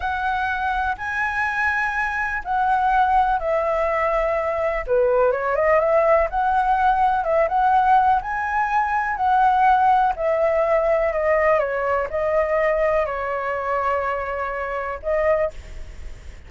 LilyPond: \new Staff \with { instrumentName = "flute" } { \time 4/4 \tempo 4 = 124 fis''2 gis''2~ | gis''4 fis''2 e''4~ | e''2 b'4 cis''8 dis''8 | e''4 fis''2 e''8 fis''8~ |
fis''4 gis''2 fis''4~ | fis''4 e''2 dis''4 | cis''4 dis''2 cis''4~ | cis''2. dis''4 | }